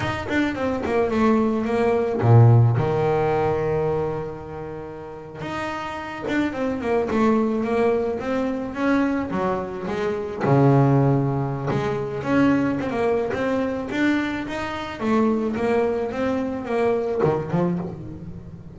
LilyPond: \new Staff \with { instrumentName = "double bass" } { \time 4/4 \tempo 4 = 108 dis'8 d'8 c'8 ais8 a4 ais4 | ais,4 dis2.~ | dis4.~ dis16 dis'4. d'8 c'16~ | c'16 ais8 a4 ais4 c'4 cis'16~ |
cis'8. fis4 gis4 cis4~ cis16~ | cis4 gis4 cis'4 c'16 ais8. | c'4 d'4 dis'4 a4 | ais4 c'4 ais4 dis8 f8 | }